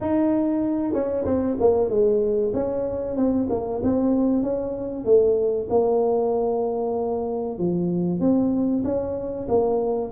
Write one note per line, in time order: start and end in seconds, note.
0.00 0.93 D#4
0.93 1.25 C#4
1.25 1.56 C4
1.60 1.89 A#3
1.89 2.52 G#3
2.53 3.16 C#4
3.16 3.48 C4
3.49 3.81 A#3
3.82 4.42 C4
4.42 5.04 C#4
5.04 5.67 A3
5.69 7.58 A#3
7.58 8.20 F3
8.20 8.83 C4
8.84 9.47 C#4
9.48 10.11 A#3